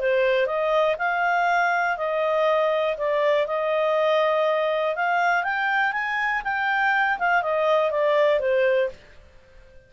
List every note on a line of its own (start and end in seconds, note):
0.00 0.47 C5
0.47 0.97 D#5
0.99 1.98 F5
1.98 2.97 D#5
2.98 3.47 D5
3.47 4.96 D#5
4.96 5.44 F5
5.44 5.93 G5
5.93 6.43 G#5
6.44 7.19 G5
7.19 7.43 F5
7.43 7.91 D#5
7.91 8.40 D5
8.40 8.90 C5